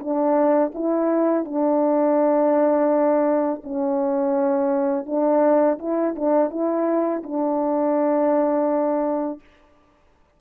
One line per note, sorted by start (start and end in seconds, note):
0.00 0.72 D4
0.75 1.45 E4
1.45 3.62 D4
3.64 5.06 C#4
5.06 5.79 D4
5.79 6.15 E4
6.16 6.51 D4
6.51 7.23 E4
7.24 9.40 D4